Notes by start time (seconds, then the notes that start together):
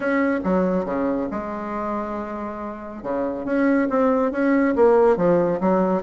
0.00 C#4
0.44 F#3
0.85 C#3
1.31 G#3
3.03 C#3
3.45 C#4
3.89 C4
4.31 C#4
4.75 A#3
5.16 F3
5.60 F#3